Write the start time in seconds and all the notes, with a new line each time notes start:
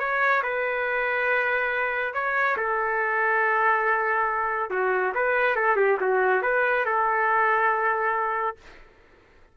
0.00 C#5
0.43 B4
2.14 C#5
2.58 A4
4.71 F#4
5.15 B4
5.56 A4
5.77 G4
6.01 F#4
6.43 B4
6.86 A4